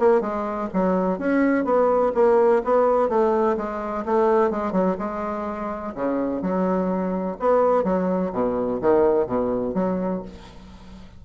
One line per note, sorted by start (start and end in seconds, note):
0.00 0.21 A#3
0.21 0.69 G#3
0.74 1.19 F#3
1.19 1.65 C#4
1.65 2.13 B3
2.15 2.63 A#3
2.65 3.09 B3
3.09 3.57 A3
3.57 4.05 G#3
4.06 4.51 A3
4.51 4.73 G#3
4.73 4.97 F#3
4.99 5.94 G#3
5.95 6.42 C#3
6.42 7.37 F#3
7.40 7.84 B3
7.84 8.32 F#3
8.33 8.81 B2
8.81 9.27 D#3
9.27 9.75 B2
9.75 10.23 F#3